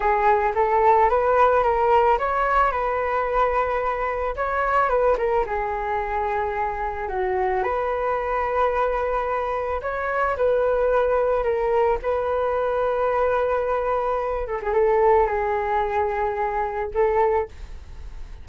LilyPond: \new Staff \with { instrumentName = "flute" } { \time 4/4 \tempo 4 = 110 gis'4 a'4 b'4 ais'4 | cis''4 b'2. | cis''4 b'8 ais'8 gis'2~ | gis'4 fis'4 b'2~ |
b'2 cis''4 b'4~ | b'4 ais'4 b'2~ | b'2~ b'8 a'16 gis'16 a'4 | gis'2. a'4 | }